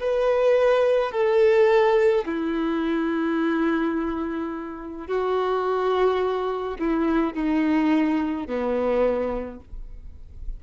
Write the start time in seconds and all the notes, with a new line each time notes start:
0.00 B4
1.12 A4
2.25 E4
5.07 F#4
6.79 E4
7.33 D#4
8.46 B3